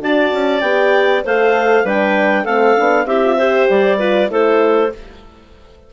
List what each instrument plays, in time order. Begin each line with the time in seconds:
0.00 bassoon D4, horn F#4, clarinet D5 A5
0.32 bassoon C#4
0.60 bassoon B3, horn G4, clarinet G5
1.24 bassoon A3, horn A4, clarinet C5 F5
1.84 bassoon G3, horn D4, clarinet B4 G5
2.44 bassoon A3, horn C4, clarinet A4 F5
2.76 bassoon B3, horn D4
3.05 bassoon C4, horn E4, clarinet G4 E5
3.25 horn F4
3.37 horn G4, clarinet C5
3.69 bassoon G3, clarinet D5
3.98 horn F4, clarinet B4
4.28 bassoon A3, horn E4, clarinet A4 C5